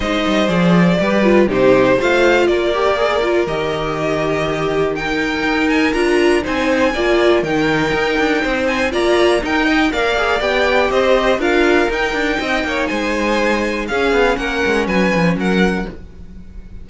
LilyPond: <<
  \new Staff \with { instrumentName = "violin" } { \time 4/4 \tempo 4 = 121 dis''4 d''2 c''4 | f''4 d''2 dis''4~ | dis''2 g''4. gis''8 | ais''4 gis''2 g''4~ |
g''4. gis''8 ais''4 g''4 | f''4 g''4 dis''4 f''4 | g''2 gis''2 | f''4 fis''4 gis''4 fis''4 | }
  \new Staff \with { instrumentName = "violin" } { \time 4/4 c''2 b'4 g'4 | c''4 ais'2.~ | ais'4 g'4 ais'2~ | ais'4 c''4 d''4 ais'4~ |
ais'4 c''4 d''4 ais'8 dis''8 | d''2 c''4 ais'4~ | ais'4 dis''8 cis''8 c''2 | gis'4 ais'4 b'4 ais'4 | }
  \new Staff \with { instrumentName = "viola" } { \time 4/4 dis'4 gis'4 g'8 f'8 dis'4 | f'4. g'8 gis'8 f'8 g'4~ | g'2 dis'2 | f'4 dis'4 f'4 dis'4~ |
dis'2 f'4 dis'4 | ais'8 gis'8 g'2 f'4 | dis'1 | cis'1 | }
  \new Staff \with { instrumentName = "cello" } { \time 4/4 gis8 g8 f4 g4 c4 | a4 ais2 dis4~ | dis2. dis'4 | d'4 c'4 ais4 dis4 |
dis'8 d'8 c'4 ais4 dis'4 | ais4 b4 c'4 d'4 | dis'8 d'8 c'8 ais8 gis2 | cis'8 b8 ais8 gis8 fis8 f8 fis4 | }
>>